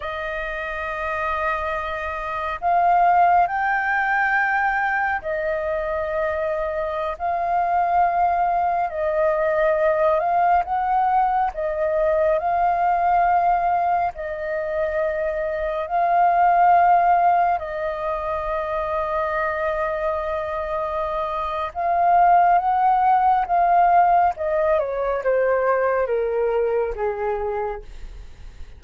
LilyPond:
\new Staff \with { instrumentName = "flute" } { \time 4/4 \tempo 4 = 69 dis''2. f''4 | g''2 dis''2~ | dis''16 f''2 dis''4. f''16~ | f''16 fis''4 dis''4 f''4.~ f''16~ |
f''16 dis''2 f''4.~ f''16~ | f''16 dis''2.~ dis''8.~ | dis''4 f''4 fis''4 f''4 | dis''8 cis''8 c''4 ais'4 gis'4 | }